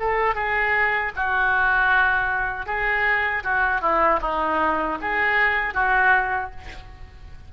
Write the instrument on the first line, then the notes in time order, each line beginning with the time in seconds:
oboe
0.00 A4
0.35 G#4
1.16 F#4
2.67 G#4
3.44 F#4
3.82 E4
4.22 D#4
5.02 G#4
5.74 F#4